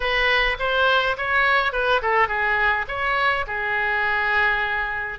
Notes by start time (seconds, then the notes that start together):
0.00 B4
0.59 C5
1.17 C#5
1.72 B4
2.02 A4
2.27 G#4
2.88 C#5
3.46 G#4